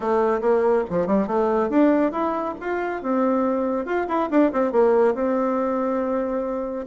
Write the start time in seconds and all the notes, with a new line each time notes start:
0.00 A3
0.41 A#3
0.90 F3
1.06 G3
1.27 A3
1.69 D4
2.12 E4
2.60 F4
3.02 C4
3.85 F4
4.08 E4
4.30 D4
4.52 C4
4.72 A#3
5.14 C4